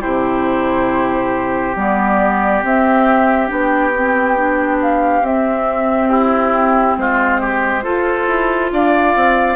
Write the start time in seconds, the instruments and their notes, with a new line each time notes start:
0.00 bassoon C3, clarinet E4, oboe G4, flute C5
1.76 bassoon G3, clarinet B3, flute D5
2.63 clarinet C4, bassoon C4, flute E5
3.48 bassoon B3, clarinet D4, flute G5
3.96 clarinet C4
4.37 clarinet D4
4.82 flute F5
5.22 bassoon C4, clarinet C4, flute E5
6.09 oboe E4, flute G4
6.98 bassoon G#3, oboe F4, flute C5
7.41 oboe G4
7.83 clarinet F4, bassoon F4, oboe A4
8.27 bassoon E4
8.72 bassoon D4, oboe D5, flute F5
9.16 bassoon C4